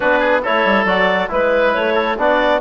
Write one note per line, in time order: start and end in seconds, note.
0.00 0.45 B3
0.00 0.41 D4
0.00 0.19 F#4
0.00 0.43 B4
0.19 0.41 G#4
0.42 0.64 A3
0.42 0.87 E4
0.42 1.29 A4
0.42 0.85 C#5
0.64 0.84 G3
0.84 1.28 F#3
0.84 1.28 F#4
0.84 1.29 D5
1.28 1.75 G#3
1.28 2.15 E4
1.28 1.74 B4
1.28 1.94 B4
1.74 2.17 A3
1.74 2.17 C#5
1.94 2.15 A4
2.17 2.60 B3
2.17 2.60 D4
2.17 2.60 F#4
2.17 2.60 D5